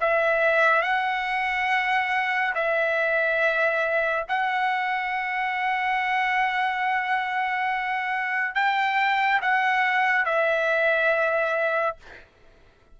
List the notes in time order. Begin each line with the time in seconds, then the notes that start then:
0.00 E5
0.82 F#5
2.54 E5
4.28 F#5
8.54 G5
9.41 F#5
10.25 E5